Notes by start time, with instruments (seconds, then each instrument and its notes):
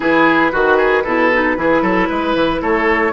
0.00 bassoon E3, clarinet E4, oboe G#4, flute B4
0.51 bassoon D#3, clarinet F#4, oboe F#4
0.77 oboe G#4
1.03 bassoon B2, clarinet E4, oboe A4
1.32 clarinet D#4
1.56 bassoon E3, clarinet E4, oboe G#4
1.81 bassoon F#3, oboe A4
2.09 bassoon G#3, oboe B4
2.34 bassoon E3
2.61 bassoon A3, oboe A4, flute C#5